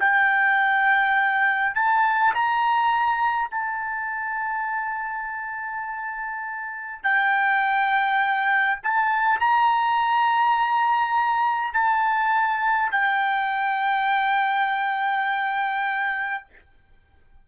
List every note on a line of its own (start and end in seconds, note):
0.00 1.75 G5
1.75 2.34 A5
2.35 3.51 A#5
3.51 7.04 A5
7.04 8.80 G5
8.83 9.40 A5
9.40 11.74 A#5
11.74 12.91 A5
12.91 16.44 G5